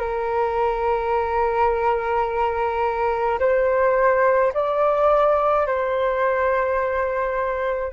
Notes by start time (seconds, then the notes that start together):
0.00 A#4
3.40 C5
4.54 D5
5.67 C5